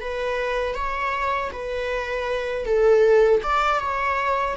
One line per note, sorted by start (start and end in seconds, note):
0.00 0.75 B4
0.75 1.51 C#5
1.52 2.65 B4
2.65 3.41 A4
3.43 3.79 D5
3.79 4.55 C#5